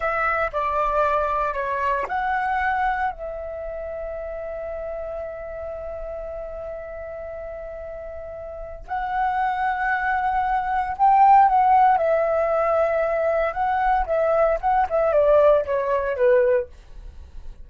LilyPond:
\new Staff \with { instrumentName = "flute" } { \time 4/4 \tempo 4 = 115 e''4 d''2 cis''4 | fis''2 e''2~ | e''1~ | e''1~ |
e''4 fis''2.~ | fis''4 g''4 fis''4 e''4~ | e''2 fis''4 e''4 | fis''8 e''8 d''4 cis''4 b'4 | }